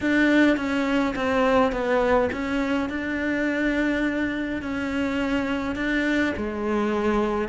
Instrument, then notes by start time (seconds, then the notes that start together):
cello
0.00 D4
0.56 C#4
1.15 C4
1.72 B3
2.32 C#4
2.89 D4
4.62 C#4
5.75 D4
6.36 G#3